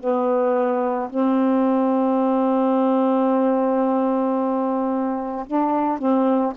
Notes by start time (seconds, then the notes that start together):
0.00 B3
1.10 C4
5.46 D4
5.99 C4